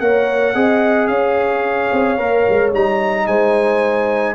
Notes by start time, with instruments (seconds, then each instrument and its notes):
0.00 tuba A#3, trombone A#4, horn C#5, trumpet F#5
0.54 tuba C4, trombone G#4, horn D#5
1.07 tuba C#4, horn C#5, trumpet F5
1.92 tuba C4
2.17 tuba A#3, trombone A#4
2.49 tuba G#3
2.72 tuba G3, trombone D#4, trumpet A#5
3.27 tuba G#3, horn C5, trumpet G#5